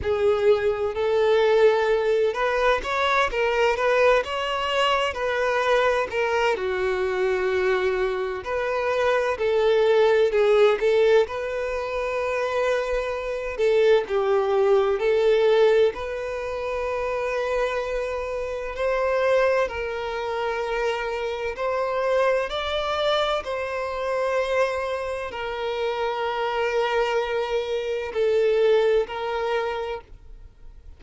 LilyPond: \new Staff \with { instrumentName = "violin" } { \time 4/4 \tempo 4 = 64 gis'4 a'4. b'8 cis''8 ais'8 | b'8 cis''4 b'4 ais'8 fis'4~ | fis'4 b'4 a'4 gis'8 a'8 | b'2~ b'8 a'8 g'4 |
a'4 b'2. | c''4 ais'2 c''4 | d''4 c''2 ais'4~ | ais'2 a'4 ais'4 | }